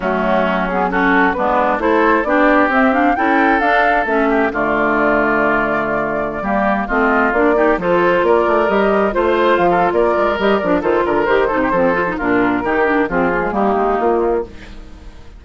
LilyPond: <<
  \new Staff \with { instrumentName = "flute" } { \time 4/4 \tempo 4 = 133 fis'4. gis'8 a'4 b'4 | c''4 d''4 e''8 f''8 g''4 | f''4 e''4 d''2~ | d''2.~ d''16 dis''8.~ |
dis''16 d''4 c''4 d''4 dis''8.~ | dis''16 c''4 f''8. d''4 dis''8 d''8 | c''8 ais'8 c''2 ais'4~ | ais'4 gis'4 g'4 f'4 | }
  \new Staff \with { instrumentName = "oboe" } { \time 4/4 cis'2 fis'4 d'4 | a'4 g'2 a'4~ | a'4. g'8 f'2~ | f'2~ f'16 g'4 f'8.~ |
f'8. g'8 a'4 ais'4.~ ais'16~ | ais'16 c''4~ c''16 a'8 ais'2 | a'8 ais'4 a'16 g'16 a'4 f'4 | g'4 f'4 dis'2 | }
  \new Staff \with { instrumentName = "clarinet" } { \time 4/4 a4. b8 cis'4 b4 | e'4 d'4 c'8 d'8 e'4 | d'4 cis'4 a2~ | a2~ a16 ais4 c'8.~ |
c'16 d'8 dis'8 f'2 g'8.~ | g'16 f'2~ f'8. g'8 d'8 | f'4 g'8 dis'8 c'8 f'16 dis'16 d'4 | dis'8 d'8 c'8 ais16 gis16 ais2 | }
  \new Staff \with { instrumentName = "bassoon" } { \time 4/4 fis2. gis4 | a4 b4 c'4 cis'4 | d'4 a4 d2~ | d2~ d16 g4 a8.~ |
a16 ais4 f4 ais8 a8 g8.~ | g16 a4 f8. ais8 gis8 g8 f8 | dis8 d8 dis8 c8 f4 ais,4 | dis4 f4 g8 gis8 ais4 | }
>>